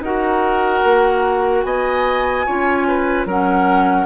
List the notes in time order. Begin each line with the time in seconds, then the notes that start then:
0.00 D#4 F#4 A#4 F#5
0.84 A#3
1.62 B3 D#5 G#5
2.46 C#4 F4 C#5
2.87 B4
3.25 F#3 C#4 A#4 F#5